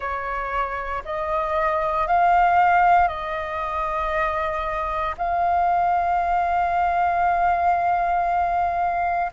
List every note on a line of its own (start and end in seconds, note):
0.00 1.03 C#5
1.04 2.07 D#5
2.07 3.08 F5
3.08 5.14 D#5
5.17 9.31 F5